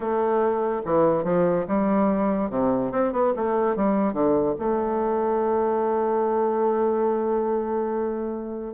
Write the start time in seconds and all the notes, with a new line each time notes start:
0.00 A3
0.85 E3
1.24 F3
1.67 G3
2.50 C3
2.91 C4
3.12 B3
3.35 A3
3.76 G3
4.13 D3
4.59 A3